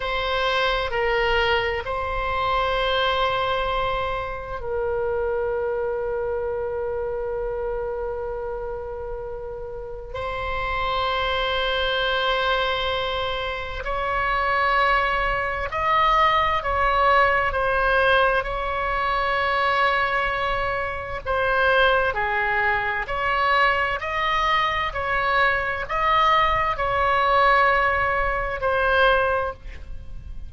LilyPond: \new Staff \with { instrumentName = "oboe" } { \time 4/4 \tempo 4 = 65 c''4 ais'4 c''2~ | c''4 ais'2.~ | ais'2. c''4~ | c''2. cis''4~ |
cis''4 dis''4 cis''4 c''4 | cis''2. c''4 | gis'4 cis''4 dis''4 cis''4 | dis''4 cis''2 c''4 | }